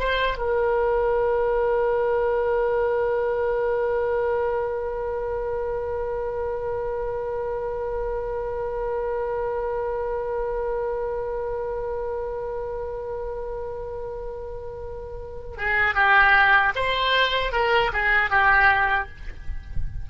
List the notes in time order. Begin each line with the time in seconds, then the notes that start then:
0.00 C5
0.39 A#4
15.58 G#4
15.95 G4
16.76 C5
17.53 A#4
17.94 G#4
18.31 G4